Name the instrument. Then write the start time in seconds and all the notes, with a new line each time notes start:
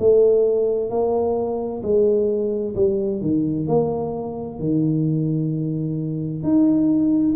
tuba
0.00 A3
0.90 A#3
1.83 G#3
2.76 G3
3.21 D#3
3.68 A#3
4.59 D#3
6.44 D#4